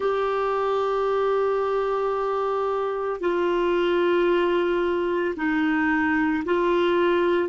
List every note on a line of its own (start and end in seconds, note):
0.00 3.20 G4
3.20 5.34 F4
5.36 6.43 D#4
6.45 7.48 F4